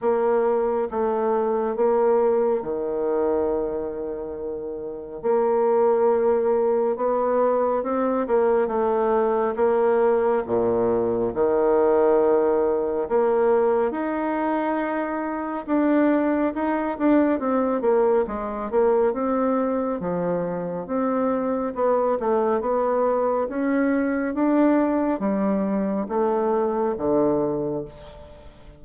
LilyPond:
\new Staff \with { instrumentName = "bassoon" } { \time 4/4 \tempo 4 = 69 ais4 a4 ais4 dis4~ | dis2 ais2 | b4 c'8 ais8 a4 ais4 | ais,4 dis2 ais4 |
dis'2 d'4 dis'8 d'8 | c'8 ais8 gis8 ais8 c'4 f4 | c'4 b8 a8 b4 cis'4 | d'4 g4 a4 d4 | }